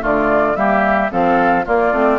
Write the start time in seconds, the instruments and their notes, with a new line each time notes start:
0.00 bassoon D3, clarinet A3, oboe F4
0.06 flute D5
0.55 bassoon G3, clarinet A#3, oboe G4, flute E5
1.11 bassoon F3, clarinet C4, oboe A4, flute F5
1.65 clarinet A#3, bassoon A#3, oboe F4, flute D5
1.92 bassoon A3, clarinet C4